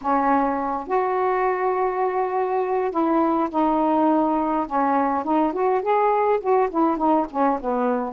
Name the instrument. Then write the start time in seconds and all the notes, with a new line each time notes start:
saxophone
0.01 C#4
0.87 F#4
2.90 E4
3.50 D#4
4.67 C#4
5.23 D#4
5.52 F#4
5.81 G#4
6.40 F#4
6.70 E4
6.97 D#4
7.30 C#4
7.60 B3